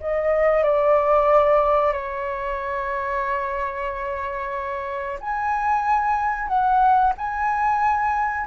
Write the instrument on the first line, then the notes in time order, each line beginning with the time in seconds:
flute
0.00 D#5
0.63 D5
1.92 C#5
5.20 G#5
6.48 F#5
7.17 G#5